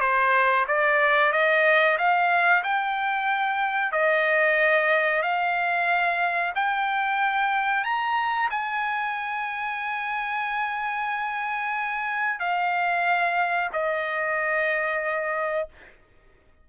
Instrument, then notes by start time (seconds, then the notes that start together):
trumpet
0.00 C5
0.67 D5
1.32 D#5
1.97 F5
2.63 G5
3.92 D#5
5.22 F5
6.55 G5
7.84 A#5
8.50 G#5
12.39 F5
13.72 D#5